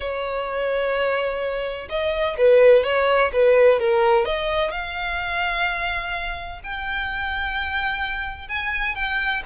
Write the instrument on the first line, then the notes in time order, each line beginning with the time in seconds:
violin
0.00 C#5
1.89 D#5
2.37 B4
2.83 C#5
3.32 B4
3.79 A#4
4.25 D#5
4.71 F5
6.63 G5
8.48 G#5
8.95 G5